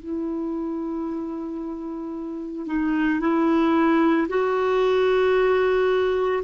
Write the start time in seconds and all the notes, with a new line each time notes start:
0.00 E4
2.67 D#4
3.20 E4
4.29 F#4